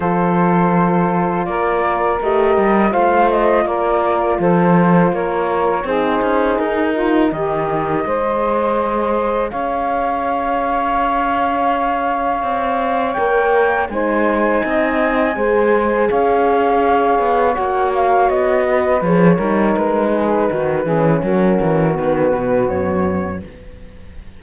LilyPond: <<
  \new Staff \with { instrumentName = "flute" } { \time 4/4 \tempo 4 = 82 c''2 d''4 dis''4 | f''8 dis''8 d''4 c''4 cis''4 | c''4 ais'4 dis''2~ | dis''4 f''2.~ |
f''2 g''4 gis''4~ | gis''2 f''2 | fis''8 f''8 dis''4 cis''4 b'4~ | b'4 ais'4 b'4 cis''4 | }
  \new Staff \with { instrumentName = "saxophone" } { \time 4/4 a'2 ais'2 | c''4 ais'4 a'4 ais'4 | gis'4. f'8 g'4 c''4~ | c''4 cis''2.~ |
cis''2. c''4 | dis''4 c''4 cis''2~ | cis''4. b'4 ais'4 gis'8 | fis'8 gis'8 fis'2. | }
  \new Staff \with { instrumentName = "horn" } { \time 4/4 f'2. g'4 | f'1 | dis'2. gis'4~ | gis'1~ |
gis'2 ais'4 dis'4~ | dis'4 gis'2. | fis'2 gis'8 dis'4.~ | dis'8 cis'4. b2 | }
  \new Staff \with { instrumentName = "cello" } { \time 4/4 f2 ais4 a8 g8 | a4 ais4 f4 ais4 | c'8 cis'8 dis'4 dis4 gis4~ | gis4 cis'2.~ |
cis'4 c'4 ais4 gis4 | c'4 gis4 cis'4. b8 | ais4 b4 f8 g8 gis4 | dis8 e8 fis8 e8 dis8 b,8 fis,4 | }
>>